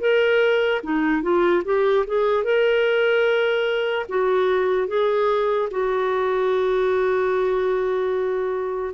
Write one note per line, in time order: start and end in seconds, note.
0.00 0.81 A#4
0.83 1.22 D#4
1.22 1.63 F4
1.65 2.05 G4
2.07 2.44 G#4
2.44 4.06 A#4
4.09 4.88 F#4
4.88 5.69 G#4
5.71 8.94 F#4